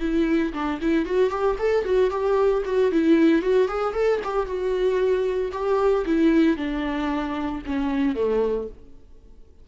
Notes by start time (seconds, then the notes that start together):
0.00 E4
0.53 D4
0.81 E4
1.05 F#4
1.30 G4
1.59 A4
1.84 F#4
2.10 G4
2.65 F#4
2.91 E4
3.42 F#4
3.68 G#4
3.94 A4
4.24 G4
4.46 F#4
5.52 G4
6.06 E4
6.56 D4
7.66 C#4
8.15 A3